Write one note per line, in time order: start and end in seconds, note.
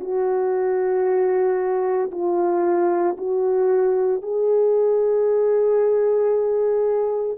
0.00 2.11 F#4
2.11 3.17 F4
3.17 4.22 F#4
4.22 7.37 G#4